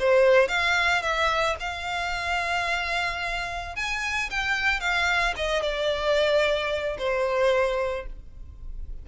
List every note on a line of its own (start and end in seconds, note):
0.00 0.49 C5
0.49 1.03 F5
1.03 1.57 E5
1.60 3.76 F5
3.76 4.30 G#5
4.31 4.81 G5
4.81 5.35 F5
5.37 5.63 D#5
5.63 6.98 D5
6.99 8.07 C5